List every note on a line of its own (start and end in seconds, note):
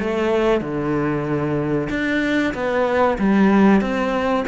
0.00 0.61 A3
0.61 1.89 D3
1.90 2.54 D4
2.54 3.18 B3
3.19 3.81 G3
3.81 4.45 C4